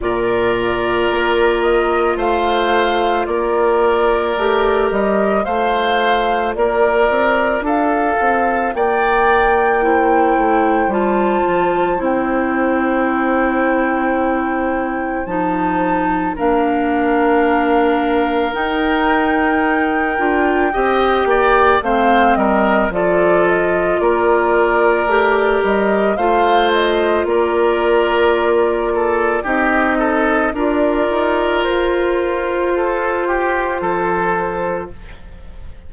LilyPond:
<<
  \new Staff \with { instrumentName = "flute" } { \time 4/4 \tempo 4 = 55 d''4. dis''8 f''4 d''4~ | d''8 dis''8 f''4 d''4 f''4 | g''2 a''4 g''4~ | g''2 a''4 f''4~ |
f''4 g''2. | f''8 dis''8 d''8 dis''8 d''4. dis''8 | f''8 dis''8 d''2 dis''4 | d''4 c''2. | }
  \new Staff \with { instrumentName = "oboe" } { \time 4/4 ais'2 c''4 ais'4~ | ais'4 c''4 ais'4 a'4 | d''4 c''2.~ | c''2. ais'4~ |
ais'2. dis''8 d''8 | c''8 ais'8 a'4 ais'2 | c''4 ais'4. a'8 g'8 a'8 | ais'2 a'8 g'8 a'4 | }
  \new Staff \with { instrumentName = "clarinet" } { \time 4/4 f'1 | g'4 f'2.~ | f'4 e'4 f'4 e'4~ | e'2 dis'4 d'4~ |
d'4 dis'4. f'8 g'4 | c'4 f'2 g'4 | f'2. dis'4 | f'1 | }
  \new Staff \with { instrumentName = "bassoon" } { \time 4/4 ais,4 ais4 a4 ais4 | a8 g8 a4 ais8 c'8 d'8 c'8 | ais4. a8 g8 f8 c'4~ | c'2 f4 ais4~ |
ais4 dis'4. d'8 c'8 ais8 | a8 g8 f4 ais4 a8 g8 | a4 ais2 c'4 | d'8 dis'8 f'2 f4 | }
>>